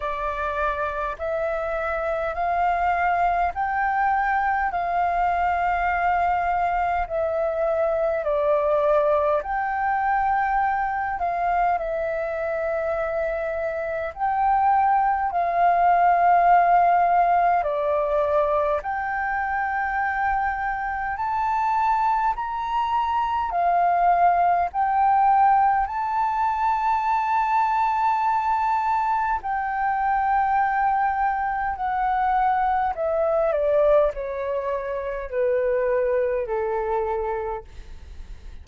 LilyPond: \new Staff \with { instrumentName = "flute" } { \time 4/4 \tempo 4 = 51 d''4 e''4 f''4 g''4 | f''2 e''4 d''4 | g''4. f''8 e''2 | g''4 f''2 d''4 |
g''2 a''4 ais''4 | f''4 g''4 a''2~ | a''4 g''2 fis''4 | e''8 d''8 cis''4 b'4 a'4 | }